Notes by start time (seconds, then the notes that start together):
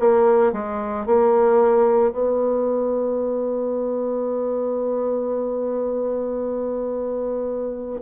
0.00 A#3
0.53 G#3
1.06 A#3
2.12 B3